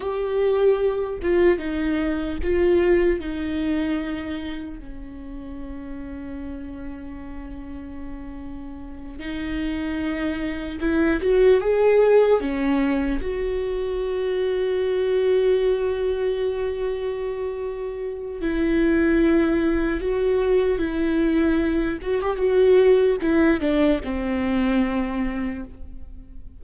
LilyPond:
\new Staff \with { instrumentName = "viola" } { \time 4/4 \tempo 4 = 75 g'4. f'8 dis'4 f'4 | dis'2 cis'2~ | cis'2.~ cis'8 dis'8~ | dis'4. e'8 fis'8 gis'4 cis'8~ |
cis'8 fis'2.~ fis'8~ | fis'2. e'4~ | e'4 fis'4 e'4. fis'16 g'16 | fis'4 e'8 d'8 c'2 | }